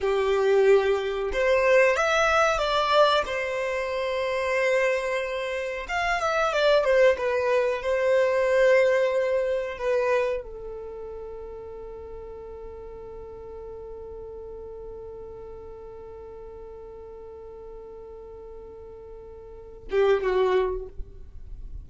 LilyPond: \new Staff \with { instrumentName = "violin" } { \time 4/4 \tempo 4 = 92 g'2 c''4 e''4 | d''4 c''2.~ | c''4 f''8 e''8 d''8 c''8 b'4 | c''2. b'4 |
a'1~ | a'1~ | a'1~ | a'2~ a'8 g'8 fis'4 | }